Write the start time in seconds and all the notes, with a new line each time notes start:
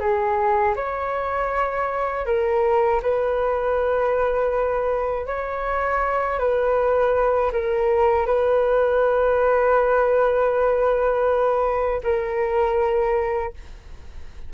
0.00 G#4
0.76 C#5
2.26 A#4
3.02 B4
5.27 C#5
6.39 B4
7.52 A#4
8.26 B4
12.04 A#4